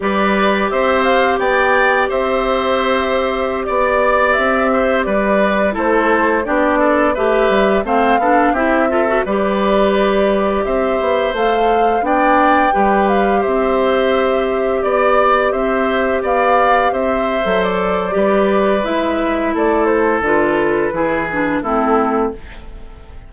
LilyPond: <<
  \new Staff \with { instrumentName = "flute" } { \time 4/4 \tempo 4 = 86 d''4 e''8 f''8 g''4 e''4~ | e''4~ e''16 d''4 e''4 d''8.~ | d''16 c''4 d''4 e''4 f''8.~ | f''16 e''4 d''2 e''8.~ |
e''16 f''4 g''4. f''8 e''8.~ | e''4~ e''16 d''4 e''4 f''8.~ | f''16 e''4 d''4.~ d''16 e''4 | d''8 c''8 b'2 a'4 | }
  \new Staff \with { instrumentName = "oboe" } { \time 4/4 b'4 c''4 d''4 c''4~ | c''4~ c''16 d''4. c''8 b'8.~ | b'16 a'4 g'8 a'8 b'4 c''8 a'16~ | a'16 g'8 a'8 b'2 c''8.~ |
c''4~ c''16 d''4 b'4 c''8.~ | c''4~ c''16 d''4 c''4 d''8.~ | d''16 c''4.~ c''16 b'2 | a'2 gis'4 e'4 | }
  \new Staff \with { instrumentName = "clarinet" } { \time 4/4 g'1~ | g'1~ | g'16 e'4 d'4 g'4 c'8 d'16~ | d'16 e'8 f'16 fis'16 g'2~ g'8.~ |
g'16 a'4 d'4 g'4.~ g'16~ | g'1~ | g'4 a'4 g'4 e'4~ | e'4 f'4 e'8 d'8 c'4 | }
  \new Staff \with { instrumentName = "bassoon" } { \time 4/4 g4 c'4 b4 c'4~ | c'4~ c'16 b4 c'4 g8.~ | g16 a4 b4 a8 g8 a8 b16~ | b16 c'4 g2 c'8 b16~ |
b16 a4 b4 g4 c'8.~ | c'4~ c'16 b4 c'4 b8.~ | b16 c'8. fis4 g4 gis4 | a4 d4 e4 a4 | }
>>